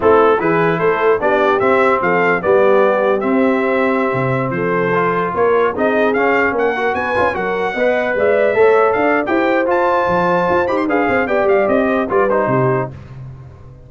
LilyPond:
<<
  \new Staff \with { instrumentName = "trumpet" } { \time 4/4 \tempo 4 = 149 a'4 b'4 c''4 d''4 | e''4 f''4 d''2 | e''2.~ e''16 c''8.~ | c''4~ c''16 cis''4 dis''4 f''8.~ |
f''16 fis''4 gis''4 fis''4.~ fis''16~ | fis''16 e''2 f''8. g''4 | a''2~ a''8 b''16 c'''16 f''4 | g''8 f''8 dis''4 d''8 c''4. | }
  \new Staff \with { instrumentName = "horn" } { \time 4/4 e'4 gis'4 a'4 g'4~ | g'4 a'4 g'2~ | g'2.~ g'16 a'8.~ | a'4~ a'16 ais'4 gis'4.~ gis'16~ |
gis'16 ais'4 b'4 ais'4 dis''8.~ | dis''16 d''4 cis''4 d''8. c''4~ | c''2. b'8 c''8 | d''4. c''8 b'4 g'4 | }
  \new Staff \with { instrumentName = "trombone" } { \time 4/4 c'4 e'2 d'4 | c'2 b2 | c'1~ | c'16 f'2 dis'4 cis'8.~ |
cis'8. fis'4 f'8 fis'4 b'8.~ | b'4~ b'16 a'4.~ a'16 g'4 | f'2~ f'8 g'8 gis'4 | g'2 f'8 dis'4. | }
  \new Staff \with { instrumentName = "tuba" } { \time 4/4 a4 e4 a4 b4 | c'4 f4 g2 | c'2~ c'16 c4 f8.~ | f4~ f16 ais4 c'4 cis'8.~ |
cis'16 ais4 b8 cis'8 fis4 b8.~ | b16 gis4 a4 d'8. e'4 | f'4 f4 f'8 dis'8 d'8 c'8 | b8 g8 c'4 g4 c4 | }
>>